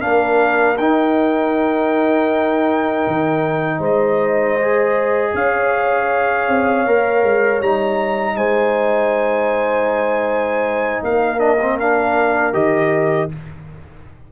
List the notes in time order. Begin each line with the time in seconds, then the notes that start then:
0.00 A#3 D4 A#4 F5
0.78 D#4 G5
3.07 D#3
3.79 G#3 C5 D#5
4.61 G#4
5.34 C#4 C#5 F5
6.48 C4
6.86 A#3 A#4
7.23 G#3
7.60 G3 D#4 A#5
8.36 G#3 C5 G#5
11.03 A#3 A#4 F5
11.38 D4 D#5
11.62 C4
11.80 D4 F5
12.53 D#3 G4 D#5